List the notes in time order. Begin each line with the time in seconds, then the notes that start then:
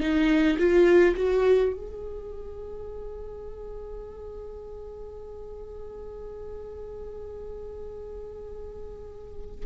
0.00 D#4
0.58 F4
1.16 F#4
1.72 G#4